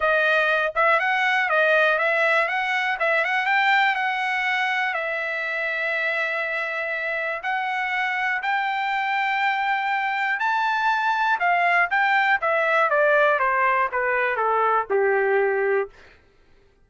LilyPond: \new Staff \with { instrumentName = "trumpet" } { \time 4/4 \tempo 4 = 121 dis''4. e''8 fis''4 dis''4 | e''4 fis''4 e''8 fis''8 g''4 | fis''2 e''2~ | e''2. fis''4~ |
fis''4 g''2.~ | g''4 a''2 f''4 | g''4 e''4 d''4 c''4 | b'4 a'4 g'2 | }